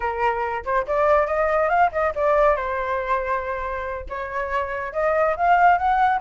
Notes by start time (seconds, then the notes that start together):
0.00 A#4
0.64 C5
0.87 D5
1.26 D#5
1.69 F5
1.92 D#5
2.15 D5
2.56 C5
4.09 C#5
4.92 D#5
5.36 F5
5.77 F#5